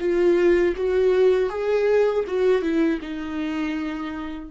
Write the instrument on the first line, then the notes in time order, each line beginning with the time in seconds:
viola
0.00 F4
0.77 F#4
1.50 G#4
2.27 F#4
2.62 E4
3.02 D#4